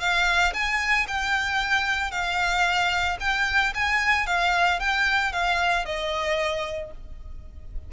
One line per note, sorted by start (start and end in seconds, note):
0.00 0.53 F5
0.54 1.07 G#5
1.08 2.11 G5
2.11 3.17 F5
3.20 3.73 G5
3.75 4.26 G#5
4.26 4.80 F5
4.80 5.32 G5
5.32 5.86 F5
5.86 6.92 D#5